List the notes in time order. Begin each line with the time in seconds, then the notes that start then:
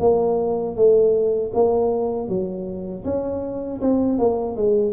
0.00 A#3
0.76 A3
1.54 A#3
2.29 F#3
3.05 C#4
3.81 C4
4.19 A#3
4.57 G#3